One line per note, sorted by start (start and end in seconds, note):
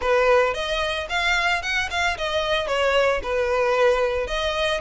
0.01 0.54 B4
0.54 1.07 D#5
1.09 1.62 F5
1.62 1.89 F#5
1.90 2.17 F5
2.17 2.67 D#5
2.67 3.20 C#5
3.23 4.27 B4
4.27 4.80 D#5